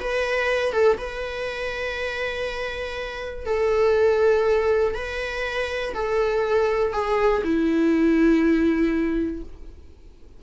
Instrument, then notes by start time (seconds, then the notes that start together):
viola
0.00 B4
0.72 A4
0.97 B4
3.45 A4
4.95 B4
5.94 A4
6.93 G#4
7.44 E4